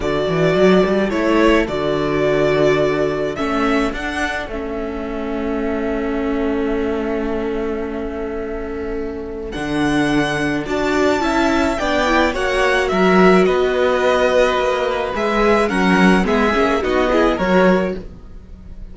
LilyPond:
<<
  \new Staff \with { instrumentName = "violin" } { \time 4/4 \tempo 4 = 107 d''2 cis''4 d''4~ | d''2 e''4 fis''4 | e''1~ | e''1~ |
e''4 fis''2 a''4~ | a''4 g''4 fis''4 e''4 | dis''2. e''4 | fis''4 e''4 dis''4 cis''4 | }
  \new Staff \with { instrumentName = "violin" } { \time 4/4 a'1~ | a'1~ | a'1~ | a'1~ |
a'2. d''4 | e''4 d''4 cis''4 ais'4 | b'1 | ais'4 gis'4 fis'8 gis'8 ais'4 | }
  \new Staff \with { instrumentName = "viola" } { \time 4/4 fis'2 e'4 fis'4~ | fis'2 cis'4 d'4 | cis'1~ | cis'1~ |
cis'4 d'2 fis'4 | e'4 d'8 e'8 fis'2~ | fis'2. gis'4 | cis'4 b8 cis'8 dis'8 e'8 fis'4 | }
  \new Staff \with { instrumentName = "cello" } { \time 4/4 d8 e8 fis8 g8 a4 d4~ | d2 a4 d'4 | a1~ | a1~ |
a4 d2 d'4 | cis'4 b4 ais4 fis4 | b2 ais4 gis4 | fis4 gis8 ais8 b4 fis4 | }
>>